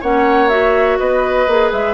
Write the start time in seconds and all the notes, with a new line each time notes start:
0.00 A#3 C#4 C#5 F#5
0.48 F#4 E5
0.98 B3 B4 D#5
1.47 A#3 G#4
1.72 G#3 E5